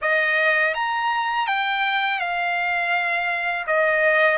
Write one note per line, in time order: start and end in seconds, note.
0.01 0.74 D#5
0.74 1.47 A#5
1.47 2.19 G5
2.19 3.65 F5
3.66 4.37 D#5